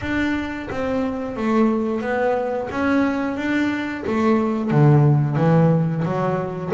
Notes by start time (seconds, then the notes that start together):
0.01 D4
0.70 C4
1.36 A3
2.01 B3
2.70 C#4
3.36 D4
4.06 A3
4.70 D3
5.36 E3
6.04 F#3